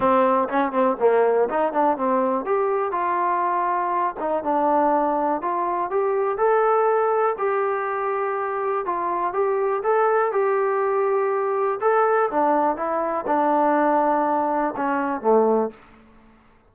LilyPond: \new Staff \with { instrumentName = "trombone" } { \time 4/4 \tempo 4 = 122 c'4 cis'8 c'8 ais4 dis'8 d'8 | c'4 g'4 f'2~ | f'8 dis'8 d'2 f'4 | g'4 a'2 g'4~ |
g'2 f'4 g'4 | a'4 g'2. | a'4 d'4 e'4 d'4~ | d'2 cis'4 a4 | }